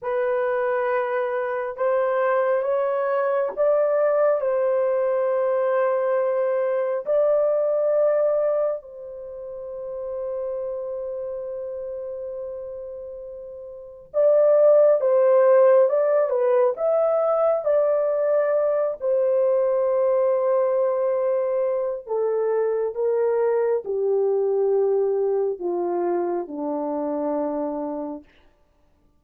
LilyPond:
\new Staff \with { instrumentName = "horn" } { \time 4/4 \tempo 4 = 68 b'2 c''4 cis''4 | d''4 c''2. | d''2 c''2~ | c''1 |
d''4 c''4 d''8 b'8 e''4 | d''4. c''2~ c''8~ | c''4 a'4 ais'4 g'4~ | g'4 f'4 d'2 | }